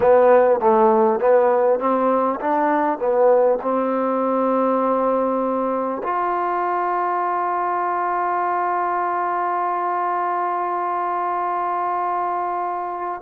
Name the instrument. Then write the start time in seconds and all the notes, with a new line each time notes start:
trombone
0.00 B3
0.59 A3
1.19 B3
1.79 C4
2.40 D4
2.98 B3
3.62 C4
6.03 F4